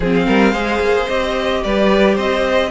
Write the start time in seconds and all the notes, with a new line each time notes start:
0.00 F3 C4 G#4 C5
0.15 F5
0.26 G3 A#4
0.52 G#3 G#4 C5
0.80 A#3
1.08 C4 G4 D#5
1.63 G3 B4 D5
2.15 C4 C5 D#5